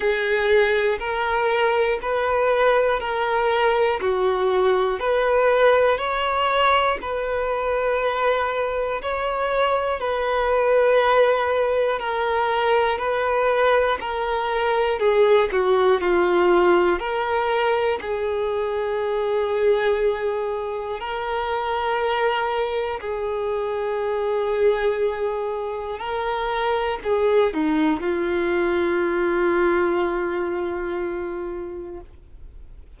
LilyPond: \new Staff \with { instrumentName = "violin" } { \time 4/4 \tempo 4 = 60 gis'4 ais'4 b'4 ais'4 | fis'4 b'4 cis''4 b'4~ | b'4 cis''4 b'2 | ais'4 b'4 ais'4 gis'8 fis'8 |
f'4 ais'4 gis'2~ | gis'4 ais'2 gis'4~ | gis'2 ais'4 gis'8 dis'8 | f'1 | }